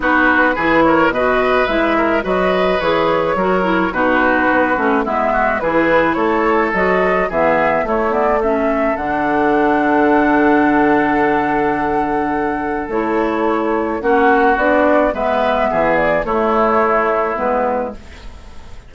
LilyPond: <<
  \new Staff \with { instrumentName = "flute" } { \time 4/4 \tempo 4 = 107 b'4. cis''8 dis''4 e''4 | dis''4 cis''2 b'4~ | b'4 e''4 b'4 cis''4 | dis''4 e''4 cis''8 d''8 e''4 |
fis''1~ | fis''2. cis''4~ | cis''4 fis''4 d''4 e''4~ | e''8 d''8 cis''2 b'4 | }
  \new Staff \with { instrumentName = "oboe" } { \time 4/4 fis'4 gis'8 ais'8 b'4. ais'8 | b'2 ais'4 fis'4~ | fis'4 e'8 fis'8 gis'4 a'4~ | a'4 gis'4 e'4 a'4~ |
a'1~ | a'1~ | a'4 fis'2 b'4 | gis'4 e'2. | }
  \new Staff \with { instrumentName = "clarinet" } { \time 4/4 dis'4 e'4 fis'4 e'4 | fis'4 gis'4 fis'8 e'8 dis'4~ | dis'8 cis'8 b4 e'2 | fis'4 b4 a8 b8 cis'4 |
d'1~ | d'2. e'4~ | e'4 cis'4 d'4 b4~ | b4 a2 b4 | }
  \new Staff \with { instrumentName = "bassoon" } { \time 4/4 b4 e4 b,4 gis4 | fis4 e4 fis4 b,4 | b8 a8 gis4 e4 a4 | fis4 e4 a2 |
d1~ | d2. a4~ | a4 ais4 b4 gis4 | e4 a2 gis4 | }
>>